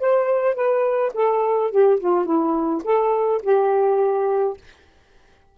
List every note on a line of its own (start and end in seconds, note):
0.00 0.55 C5
0.55 1.12 B4
1.14 1.71 A4
1.71 1.99 G4
2.00 2.25 F4
2.25 2.83 E4
2.84 3.42 A4
3.43 4.57 G4